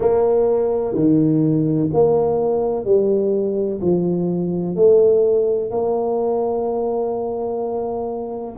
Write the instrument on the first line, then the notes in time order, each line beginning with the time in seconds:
tuba
0.00 A#3
0.94 D#3
1.93 A#3
2.84 G3
3.81 F3
4.75 A3
5.71 A#3